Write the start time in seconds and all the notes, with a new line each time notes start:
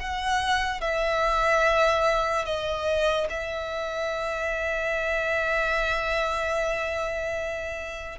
0.00 F#5
0.81 E5
2.46 D#5
3.30 E5